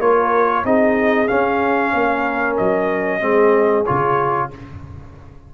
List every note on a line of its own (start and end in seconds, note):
0.00 0.65 A#3
0.00 0.65 F4
0.00 0.65 A#4
0.00 0.66 C#5
0.65 1.30 C4
0.65 1.28 D#4
0.65 1.93 G#4
0.65 1.28 D#5
1.28 3.21 C#4
1.28 1.94 C#4
1.28 2.57 F5
1.93 2.59 A#3
1.93 3.20 A#4
2.58 3.22 F#3
2.58 3.86 D#5
3.20 3.87 G#3
3.20 3.85 C4
3.20 4.49 G#4
3.86 4.55 C#3
3.86 4.51 F4
3.86 4.50 C#5